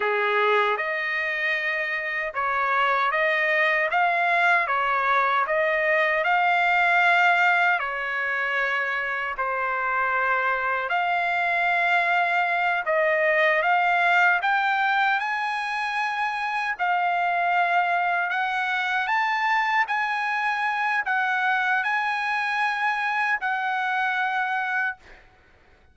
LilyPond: \new Staff \with { instrumentName = "trumpet" } { \time 4/4 \tempo 4 = 77 gis'4 dis''2 cis''4 | dis''4 f''4 cis''4 dis''4 | f''2 cis''2 | c''2 f''2~ |
f''8 dis''4 f''4 g''4 gis''8~ | gis''4. f''2 fis''8~ | fis''8 a''4 gis''4. fis''4 | gis''2 fis''2 | }